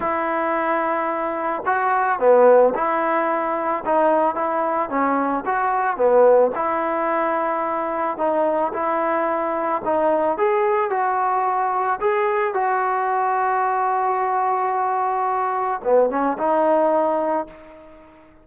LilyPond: \new Staff \with { instrumentName = "trombone" } { \time 4/4 \tempo 4 = 110 e'2. fis'4 | b4 e'2 dis'4 | e'4 cis'4 fis'4 b4 | e'2. dis'4 |
e'2 dis'4 gis'4 | fis'2 gis'4 fis'4~ | fis'1~ | fis'4 b8 cis'8 dis'2 | }